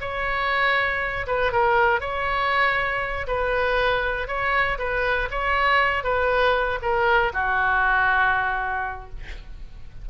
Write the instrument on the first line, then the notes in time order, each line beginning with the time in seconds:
oboe
0.00 C#5
1.26 B4
1.52 A#4
2.00 C#5
3.27 B4
4.27 C#5
4.78 B4
5.30 C#5
6.03 B4
6.82 A#4
7.33 F#4